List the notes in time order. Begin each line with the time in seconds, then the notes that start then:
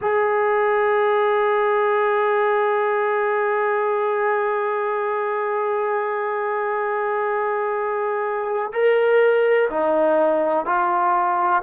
0.01 G#4
8.72 A#4
9.70 D#4
10.65 F4